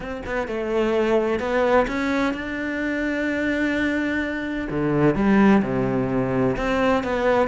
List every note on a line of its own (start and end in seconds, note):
0.00 0.22 C4
0.26 0.47 B3
0.47 1.39 A3
1.39 1.86 B3
1.87 2.33 C#4
2.33 4.68 D4
4.70 5.15 D3
5.15 5.61 G3
5.62 6.56 C3
6.56 7.03 C4
7.03 7.48 B3